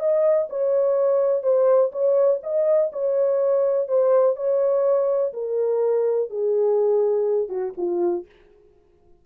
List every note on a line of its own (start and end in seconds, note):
0.00 0.48 D#5
0.50 1.43 C#5
1.43 1.91 C5
1.92 2.41 C#5
2.43 2.92 D#5
2.93 3.88 C#5
3.88 4.36 C5
4.36 5.33 C#5
5.34 6.30 A#4
6.30 7.49 G#4
7.49 7.74 F#4
7.77 8.26 F4